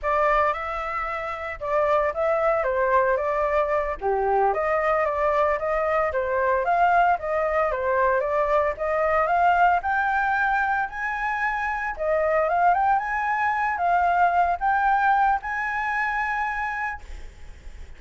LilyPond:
\new Staff \with { instrumentName = "flute" } { \time 4/4 \tempo 4 = 113 d''4 e''2 d''4 | e''4 c''4 d''4. g'8~ | g'8 dis''4 d''4 dis''4 c''8~ | c''8 f''4 dis''4 c''4 d''8~ |
d''8 dis''4 f''4 g''4.~ | g''8 gis''2 dis''4 f''8 | g''8 gis''4. f''4. g''8~ | g''4 gis''2. | }